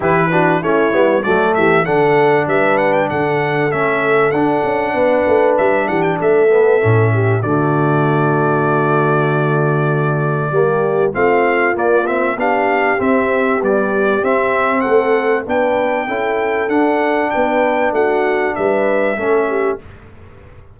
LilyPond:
<<
  \new Staff \with { instrumentName = "trumpet" } { \time 4/4 \tempo 4 = 97 b'4 cis''4 d''8 e''8 fis''4 | e''8 fis''16 g''16 fis''4 e''4 fis''4~ | fis''4 e''8 fis''16 g''16 e''2 | d''1~ |
d''2 f''4 d''8 e''8 | f''4 e''4 d''4 e''4 | fis''4 g''2 fis''4 | g''4 fis''4 e''2 | }
  \new Staff \with { instrumentName = "horn" } { \time 4/4 g'8 fis'8 e'4 fis'8 g'8 a'4 | b'4 a'2. | b'4. g'8 a'4. g'8 | fis'1~ |
fis'4 g'4 f'2 | g'1 | a'4 b'4 a'2 | b'4 fis'4 b'4 a'8 g'8 | }
  \new Staff \with { instrumentName = "trombone" } { \time 4/4 e'8 d'8 cis'8 b8 a4 d'4~ | d'2 cis'4 d'4~ | d'2~ d'8 b8 cis'4 | a1~ |
a4 ais4 c'4 ais8 c'8 | d'4 c'4 g4 c'4~ | c'4 d'4 e'4 d'4~ | d'2. cis'4 | }
  \new Staff \with { instrumentName = "tuba" } { \time 4/4 e4 a8 g8 fis8 e8 d4 | g4 d4 a4 d'8 cis'8 | b8 a8 g8 e8 a4 a,4 | d1~ |
d4 g4 a4 ais4 | b4 c'4 b4 c'4 | a4 b4 cis'4 d'4 | b4 a4 g4 a4 | }
>>